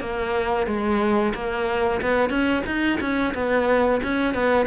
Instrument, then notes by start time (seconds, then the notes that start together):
cello
0.00 A#3
0.67 G#3
1.35 A#3
2.01 B3
2.30 C#4
2.66 D#4
3.01 C#4
3.35 B3
4.03 C#4
4.34 B3